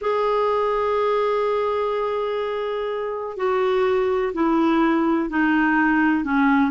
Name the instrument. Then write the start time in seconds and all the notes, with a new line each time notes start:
clarinet
0.01 G#4
3.36 F#4
4.33 E4
5.29 D#4
6.24 C#4